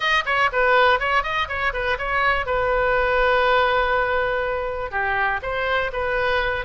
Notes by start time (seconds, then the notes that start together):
0.00 D#5
0.25 C#5
0.52 B4
0.99 C#5
1.23 D#5
1.48 C#5
1.73 B4
1.98 C#5
2.46 B4
4.91 G4
5.42 C5
5.92 B4